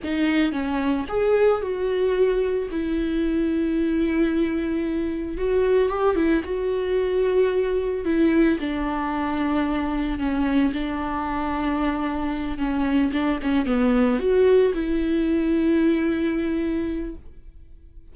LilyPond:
\new Staff \with { instrumentName = "viola" } { \time 4/4 \tempo 4 = 112 dis'4 cis'4 gis'4 fis'4~ | fis'4 e'2.~ | e'2 fis'4 g'8 e'8 | fis'2. e'4 |
d'2. cis'4 | d'2.~ d'8 cis'8~ | cis'8 d'8 cis'8 b4 fis'4 e'8~ | e'1 | }